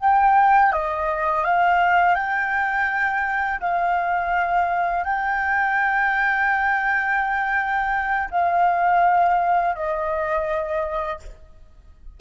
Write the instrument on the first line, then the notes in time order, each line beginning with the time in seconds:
flute
0.00 G5
0.73 D#5
1.45 F5
2.15 G5
3.60 F5
5.04 G5
8.31 F5
9.75 D#5